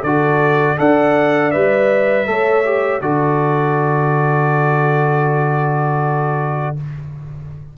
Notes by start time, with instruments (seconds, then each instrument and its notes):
0.00 tuba D3, trombone F#4, horn A4, trumpet D5
0.77 tuba D4, trombone A4, horn D5, trumpet F#5
1.51 tuba G3, trombone B4, trumpet E5
2.26 tuba A3, trombone A4, horn C#5
2.64 trombone G4
3.01 tuba D3, trombone F#4, horn A4, trumpet D5